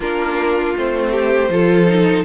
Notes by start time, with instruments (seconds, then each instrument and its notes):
0.00 cello A#3, viola D4, violin F4 A#4
0.76 cello A3, viola C4, violin C5
1.11 violin G4
1.49 cello F3, viola F4, violin A4
1.86 viola D#4